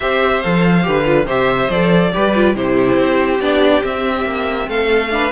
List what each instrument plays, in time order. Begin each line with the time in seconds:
0.00 cello C4, viola G4, violin C5 E5
0.42 cello F3, viola A4, violin F5
0.83 cello D3, viola G4, violin B4
1.04 viola F4
1.25 cello C3, viola G4, violin C5 E5
1.69 cello F3, viola A4, violin D5
2.13 cello G3, viola G4, violin B4
2.34 viola F4
2.54 cello C3, viola E4, violin G4 C5
2.97 cello C4
3.39 cello B3, viola D4, violin D5
3.82 viola C4, cello C4, violin E5
4.24 cello A#3
4.67 cello A3, violin A4 F5
5.10 viola D4, violin B4